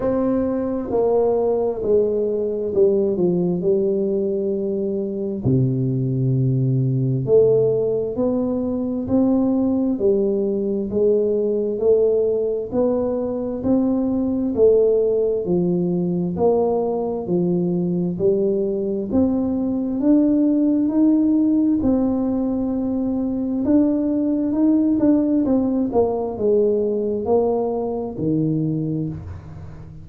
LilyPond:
\new Staff \with { instrumentName = "tuba" } { \time 4/4 \tempo 4 = 66 c'4 ais4 gis4 g8 f8 | g2 c2 | a4 b4 c'4 g4 | gis4 a4 b4 c'4 |
a4 f4 ais4 f4 | g4 c'4 d'4 dis'4 | c'2 d'4 dis'8 d'8 | c'8 ais8 gis4 ais4 dis4 | }